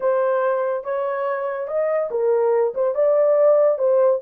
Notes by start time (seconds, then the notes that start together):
0.00 C5
0.84 C#5
1.67 D#5
2.11 A#4
2.74 C5
2.94 D5
3.78 C5